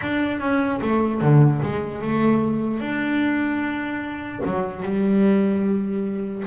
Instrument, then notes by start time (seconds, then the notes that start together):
double bass
0.01 D4
0.39 C#4
0.80 A3
1.21 D3
1.62 G#3
2.01 A3
2.79 D4
4.45 F#3
4.82 G3